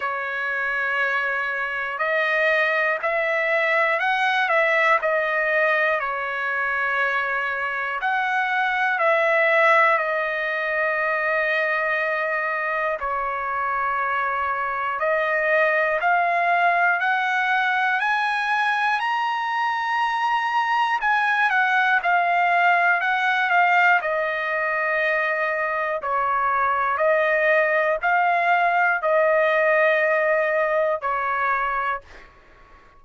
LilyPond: \new Staff \with { instrumentName = "trumpet" } { \time 4/4 \tempo 4 = 60 cis''2 dis''4 e''4 | fis''8 e''8 dis''4 cis''2 | fis''4 e''4 dis''2~ | dis''4 cis''2 dis''4 |
f''4 fis''4 gis''4 ais''4~ | ais''4 gis''8 fis''8 f''4 fis''8 f''8 | dis''2 cis''4 dis''4 | f''4 dis''2 cis''4 | }